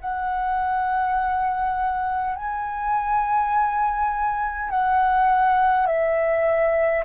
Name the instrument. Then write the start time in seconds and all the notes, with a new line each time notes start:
flute
0.00 F#5
2.35 G#5
4.70 F#5
5.86 E5